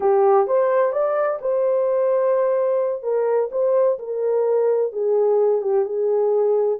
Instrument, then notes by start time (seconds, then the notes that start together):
horn
0.00 G4
0.47 C5
0.92 D5
1.41 C5
3.02 A#4
3.51 C5
3.98 A#4
4.92 G#4
5.61 G4
5.85 G#4